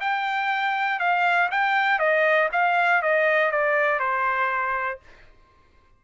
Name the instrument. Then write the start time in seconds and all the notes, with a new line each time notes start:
trumpet
0.00 G5
0.99 F5
1.51 G5
1.99 D#5
2.52 F5
3.02 D#5
3.51 D5
3.99 C5